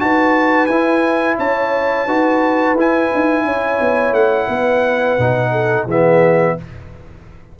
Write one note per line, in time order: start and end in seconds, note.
0.00 0.69 D#4
0.00 0.69 F#4
0.00 1.38 B4
0.00 0.67 A5
0.67 1.38 E4
0.67 2.08 E4
0.67 1.36 G#5
1.38 2.07 C#4
1.38 2.07 C#5
1.38 2.77 A5
2.07 2.75 D#4
2.07 2.77 F#4
2.07 3.45 B4
2.75 3.09 E4
2.75 5.20 E4
2.75 4.14 G#5
3.15 3.44 D#4
3.44 3.79 C#4
3.44 4.50 C#5
3.81 4.13 B3
4.13 4.47 A3
4.13 5.87 F#5
4.49 5.18 B3
4.49 5.52 B4
5.19 5.86 B2
5.19 5.89 D#4
5.52 5.86 A4
5.86 6.55 E3
5.86 6.58 B3
5.86 6.56 G#4
5.86 6.60 E5